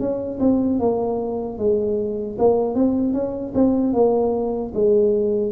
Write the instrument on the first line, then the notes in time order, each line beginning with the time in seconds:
tuba
0.00 C#4
0.40 C4
0.80 A#3
1.59 G#3
2.39 A#3
2.75 C4
3.14 C#4
3.55 C4
3.94 A#3
4.74 G#3